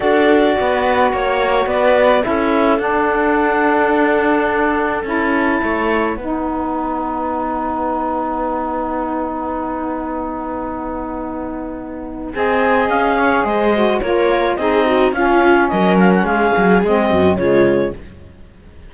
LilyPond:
<<
  \new Staff \with { instrumentName = "clarinet" } { \time 4/4 \tempo 4 = 107 d''2 cis''4 d''4 | e''4 fis''2.~ | fis''4 a''2 fis''4~ | fis''1~ |
fis''1~ | fis''2 gis''4 f''4 | dis''4 cis''4 dis''4 f''4 | dis''8 f''16 fis''16 f''4 dis''4 cis''4 | }
  \new Staff \with { instrumentName = "viola" } { \time 4/4 a'4 b'4 cis''4 b'4 | a'1~ | a'2 cis''4 b'4~ | b'1~ |
b'1~ | b'2 dis''4. cis''8 | c''4 ais'4 gis'8 fis'8 f'4 | ais'4 gis'4. fis'8 f'4 | }
  \new Staff \with { instrumentName = "saxophone" } { \time 4/4 fis'1 | e'4 d'2.~ | d'4 e'2 dis'4~ | dis'1~ |
dis'1~ | dis'2 gis'2~ | gis'8 fis'8 f'4 dis'4 cis'4~ | cis'2 c'4 gis4 | }
  \new Staff \with { instrumentName = "cello" } { \time 4/4 d'4 b4 ais4 b4 | cis'4 d'2.~ | d'4 cis'4 a4 b4~ | b1~ |
b1~ | b2 c'4 cis'4 | gis4 ais4 c'4 cis'4 | fis4 gis8 fis8 gis8 fis,8 cis4 | }
>>